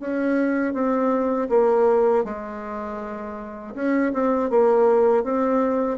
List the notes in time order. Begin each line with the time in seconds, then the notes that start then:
0.00 C#4
0.73 C4
1.49 A#3
2.24 G#3
3.75 C#4
4.13 C4
4.50 A#3
5.24 C4